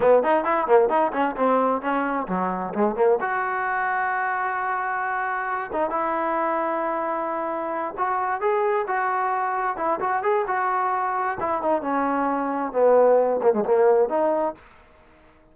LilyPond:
\new Staff \with { instrumentName = "trombone" } { \time 4/4 \tempo 4 = 132 b8 dis'8 e'8 ais8 dis'8 cis'8 c'4 | cis'4 fis4 gis8 ais8 fis'4~ | fis'1~ | fis'8 dis'8 e'2.~ |
e'4. fis'4 gis'4 fis'8~ | fis'4. e'8 fis'8 gis'8 fis'4~ | fis'4 e'8 dis'8 cis'2 | b4. ais16 gis16 ais4 dis'4 | }